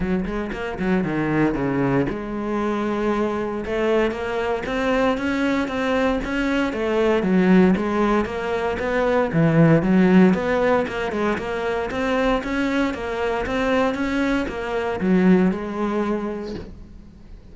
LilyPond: \new Staff \with { instrumentName = "cello" } { \time 4/4 \tempo 4 = 116 fis8 gis8 ais8 fis8 dis4 cis4 | gis2. a4 | ais4 c'4 cis'4 c'4 | cis'4 a4 fis4 gis4 |
ais4 b4 e4 fis4 | b4 ais8 gis8 ais4 c'4 | cis'4 ais4 c'4 cis'4 | ais4 fis4 gis2 | }